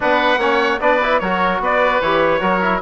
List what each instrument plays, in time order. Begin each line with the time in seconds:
0.00 bassoon B3, trombone D4, oboe B4, trumpet F#5
0.37 bassoon A#3, trombone C#4, oboe C#5
0.80 bassoon B3, trombone D4, oboe B4, trumpet D5
1.02 trombone E4
1.19 bassoon F#3, trombone F#4, oboe A#4, trumpet C#5
1.59 bassoon B3, oboe B4, trumpet D5
2.00 bassoon E3, trombone G4, trumpet C#5
2.40 bassoon F#3, trombone F#4, oboe A#4
2.61 trombone E4